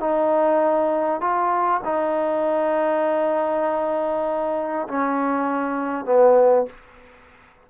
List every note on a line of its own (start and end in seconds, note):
0.00 1.21 D#4
1.21 1.81 F4
1.85 4.88 D#4
4.88 6.05 C#4
6.05 6.66 B3